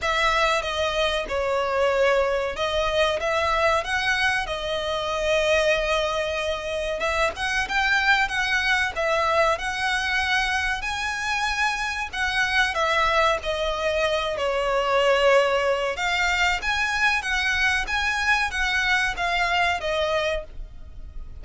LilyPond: \new Staff \with { instrumentName = "violin" } { \time 4/4 \tempo 4 = 94 e''4 dis''4 cis''2 | dis''4 e''4 fis''4 dis''4~ | dis''2. e''8 fis''8 | g''4 fis''4 e''4 fis''4~ |
fis''4 gis''2 fis''4 | e''4 dis''4. cis''4.~ | cis''4 f''4 gis''4 fis''4 | gis''4 fis''4 f''4 dis''4 | }